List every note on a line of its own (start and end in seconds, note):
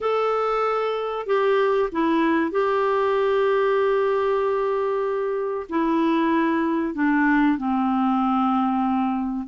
0.00 1.26 A4
1.26 1.89 G4
1.91 2.51 E4
2.51 5.66 G4
5.69 6.94 E4
6.94 7.57 D4
7.57 9.47 C4